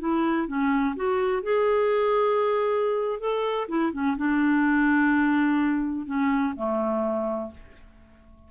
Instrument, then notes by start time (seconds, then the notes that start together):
clarinet
0.00 E4
0.47 C#4
0.96 F#4
1.43 G#4
3.20 A4
3.68 E4
3.93 C#4
4.17 D4
6.06 C#4
6.56 A3